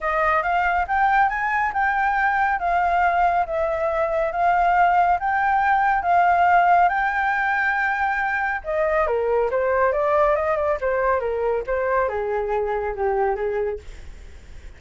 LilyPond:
\new Staff \with { instrumentName = "flute" } { \time 4/4 \tempo 4 = 139 dis''4 f''4 g''4 gis''4 | g''2 f''2 | e''2 f''2 | g''2 f''2 |
g''1 | dis''4 ais'4 c''4 d''4 | dis''8 d''8 c''4 ais'4 c''4 | gis'2 g'4 gis'4 | }